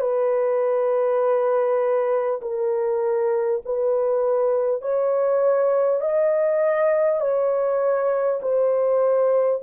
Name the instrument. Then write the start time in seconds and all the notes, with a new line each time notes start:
horn
0.00 B4
2.41 A#4
3.65 B4
4.82 C#5
6.01 D#5
7.20 C#5
8.42 C5